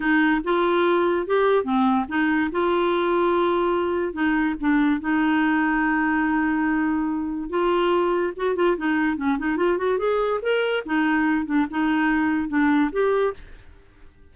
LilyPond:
\new Staff \with { instrumentName = "clarinet" } { \time 4/4 \tempo 4 = 144 dis'4 f'2 g'4 | c'4 dis'4 f'2~ | f'2 dis'4 d'4 | dis'1~ |
dis'2 f'2 | fis'8 f'8 dis'4 cis'8 dis'8 f'8 fis'8 | gis'4 ais'4 dis'4. d'8 | dis'2 d'4 g'4 | }